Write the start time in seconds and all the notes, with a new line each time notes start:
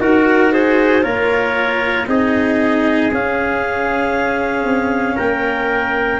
0.00 D#4 F#4 A#4
0.52 G#4 C5
1.02 A#3 F4 A#4 C#5
2.07 C4 D#4 G#4 D#5
3.12 C#4 F5
4.65 C4
5.16 A#3 A#4 G5